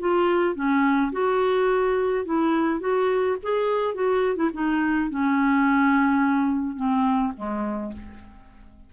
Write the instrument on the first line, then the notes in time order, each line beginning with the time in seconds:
clarinet
0.00 F4
0.56 C#4
1.13 F#4
2.26 E4
2.80 F#4
3.43 G#4
3.95 F#4
4.36 E4
4.54 D#4
5.10 C#4
6.76 C4
7.37 G#3